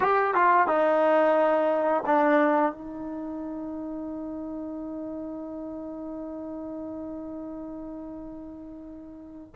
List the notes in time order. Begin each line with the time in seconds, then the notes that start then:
0.00 G4
0.34 F4
0.67 D#4
2.06 D4
2.72 D#4